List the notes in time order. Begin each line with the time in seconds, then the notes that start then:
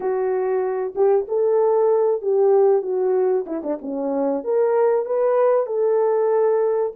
0.00 F#4
0.95 G4
1.28 A4
2.21 G4
2.82 F#4
3.46 E4
3.63 D4
3.81 C#4
4.44 A#4
5.05 B4
5.66 A4